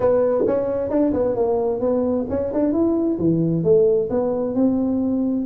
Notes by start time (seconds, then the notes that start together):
0.00 B3
0.46 C#4
0.90 D4
1.13 B3
1.35 A#3
1.80 B3
2.29 C#4
2.53 D4
2.72 E4
3.19 E3
3.63 A3
4.10 B3
4.55 C4